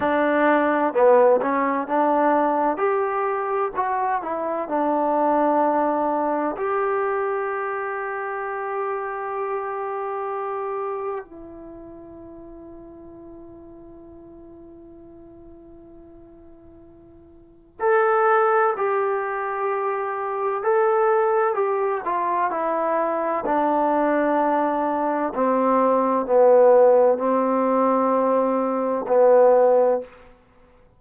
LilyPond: \new Staff \with { instrumentName = "trombone" } { \time 4/4 \tempo 4 = 64 d'4 b8 cis'8 d'4 g'4 | fis'8 e'8 d'2 g'4~ | g'1 | e'1~ |
e'2. a'4 | g'2 a'4 g'8 f'8 | e'4 d'2 c'4 | b4 c'2 b4 | }